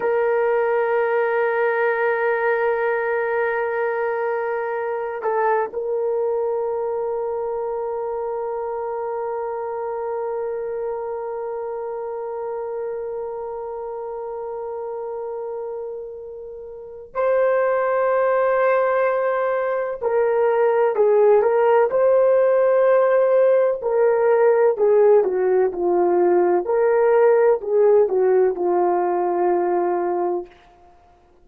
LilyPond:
\new Staff \with { instrumentName = "horn" } { \time 4/4 \tempo 4 = 63 ais'1~ | ais'4. a'8 ais'2~ | ais'1~ | ais'1~ |
ais'2 c''2~ | c''4 ais'4 gis'8 ais'8 c''4~ | c''4 ais'4 gis'8 fis'8 f'4 | ais'4 gis'8 fis'8 f'2 | }